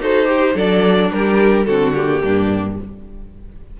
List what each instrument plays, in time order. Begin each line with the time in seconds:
0.00 cello D#4, viola F#4, violin A4 C5
0.25 viola G4, violin G4
0.54 cello F#3, viola D4, violin A4 D5
1.11 cello G3, violin G4 A#4
1.65 cello D3, viola C4, violin F#4 A4
1.94 viola A#3, violin G4
2.24 cello G2, violin D4